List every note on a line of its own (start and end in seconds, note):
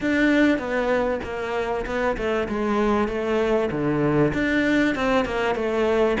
0.00 0.58 D4
0.58 1.20 B3
1.23 1.85 A#3
1.86 2.16 B3
2.16 2.47 A3
2.48 3.08 G#3
3.08 3.69 A3
3.71 4.32 D3
4.33 4.95 D4
4.95 5.25 C4
5.25 5.55 A#3
5.55 6.17 A3